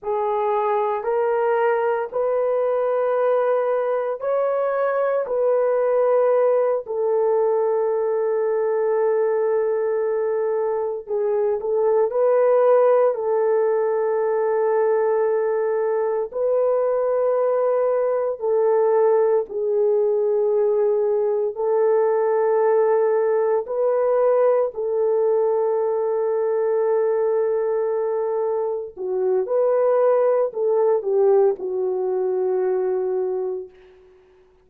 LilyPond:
\new Staff \with { instrumentName = "horn" } { \time 4/4 \tempo 4 = 57 gis'4 ais'4 b'2 | cis''4 b'4. a'4.~ | a'2~ a'8 gis'8 a'8 b'8~ | b'8 a'2. b'8~ |
b'4. a'4 gis'4.~ | gis'8 a'2 b'4 a'8~ | a'2.~ a'8 fis'8 | b'4 a'8 g'8 fis'2 | }